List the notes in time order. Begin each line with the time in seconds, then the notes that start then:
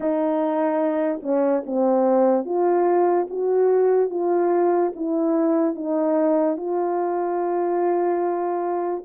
0.00 D#4
1.22 C#4
1.66 C4
2.45 F4
3.30 F#4
4.10 F4
4.95 E4
5.75 D#4
6.56 F4